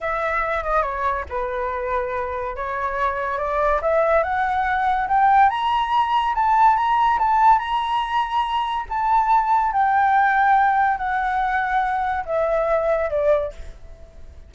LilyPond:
\new Staff \with { instrumentName = "flute" } { \time 4/4 \tempo 4 = 142 e''4. dis''8 cis''4 b'4~ | b'2 cis''2 | d''4 e''4 fis''2 | g''4 ais''2 a''4 |
ais''4 a''4 ais''2~ | ais''4 a''2 g''4~ | g''2 fis''2~ | fis''4 e''2 d''4 | }